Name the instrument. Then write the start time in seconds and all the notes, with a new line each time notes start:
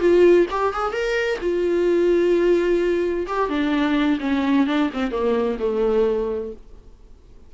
viola
0.00 F4
0.51 G4
0.73 G#4
0.92 A#4
1.41 F4
3.27 G4
3.49 D4
4.20 C#4
4.67 D4
4.93 C4
5.11 A#3
5.59 A3